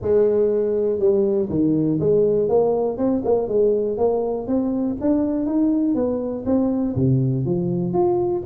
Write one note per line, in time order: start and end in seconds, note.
0.01 0.99 G#3
0.99 1.49 G3
1.49 1.99 D#3
1.99 2.48 G#3
2.48 2.97 A#3
2.97 3.22 C4
3.24 3.48 A#3
3.48 3.97 G#3
3.97 4.47 A#3
4.47 4.96 C4
5.00 5.45 D4
5.45 5.94 D#4
5.94 6.44 B3
6.45 6.95 C4
6.95 7.45 C3
7.45 7.93 F3
7.93 8.42 F4